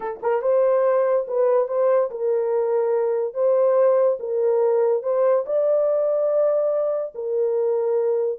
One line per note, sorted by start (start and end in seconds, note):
0.00 0.20 A4
0.22 0.42 A#4
0.42 1.25 C5
1.27 1.68 B4
1.68 2.10 C5
2.10 3.34 A#4
3.34 4.18 C5
4.19 5.02 A#4
5.02 5.44 C5
5.45 7.13 D5
7.14 8.39 A#4